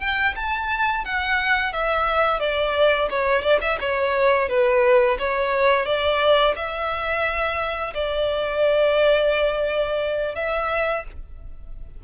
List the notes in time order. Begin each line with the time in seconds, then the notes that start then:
0.00 G5
0.36 A5
1.05 F#5
1.73 E5
2.40 D5
3.10 C#5
3.42 D5
3.61 E5
3.81 C#5
4.49 B4
5.19 C#5
5.86 D5
6.56 E5
7.94 D5
10.35 E5